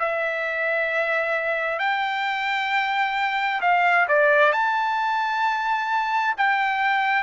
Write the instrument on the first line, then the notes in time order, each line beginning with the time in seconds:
trumpet
0.00 E5
1.79 G5
3.61 F5
4.09 D5
4.53 A5
6.38 G5